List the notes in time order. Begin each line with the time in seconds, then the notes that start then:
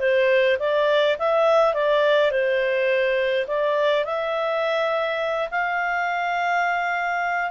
0.00 C5
0.60 D5
1.19 E5
1.75 D5
2.32 C5
3.48 D5
4.05 E5
5.51 F5